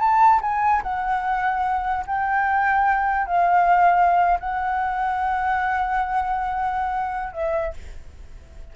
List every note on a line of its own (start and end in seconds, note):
0.00 0.41 A5
0.42 0.83 G#5
0.83 2.06 F#5
2.07 3.27 G5
3.27 4.39 F5
4.40 7.33 F#5
7.33 7.74 E5